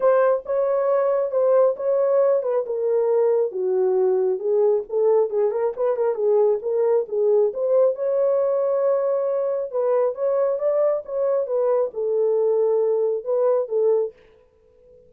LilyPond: \new Staff \with { instrumentName = "horn" } { \time 4/4 \tempo 4 = 136 c''4 cis''2 c''4 | cis''4. b'8 ais'2 | fis'2 gis'4 a'4 | gis'8 ais'8 b'8 ais'8 gis'4 ais'4 |
gis'4 c''4 cis''2~ | cis''2 b'4 cis''4 | d''4 cis''4 b'4 a'4~ | a'2 b'4 a'4 | }